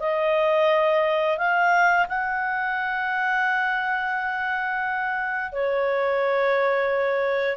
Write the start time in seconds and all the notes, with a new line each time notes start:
0.00 D#5
1.38 F5
2.08 F#5
5.52 C#5